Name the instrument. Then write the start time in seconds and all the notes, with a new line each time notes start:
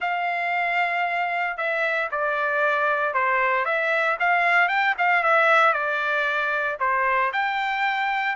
trumpet
0.00 F5
1.57 E5
2.11 D5
3.14 C5
3.65 E5
4.19 F5
4.68 G5
4.98 F5
5.23 E5
5.72 D5
6.79 C5
7.32 G5